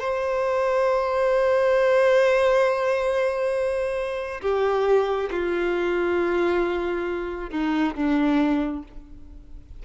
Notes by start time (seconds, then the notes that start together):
0.00 C5
4.42 G4
5.31 F4
7.51 D#4
7.95 D4